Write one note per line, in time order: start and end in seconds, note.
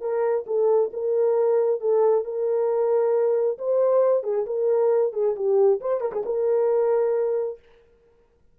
0.00 0.44 A#4
0.46 0.91 A4
0.92 1.80 A#4
1.80 2.24 A4
2.24 3.57 A#4
3.58 4.23 C5
4.23 4.45 G#4
4.46 5.13 A#4
5.13 5.35 G#4
5.35 5.80 G4
5.80 6.00 C5
6.00 6.11 A#4
6.12 6.23 G#4
6.25 7.58 A#4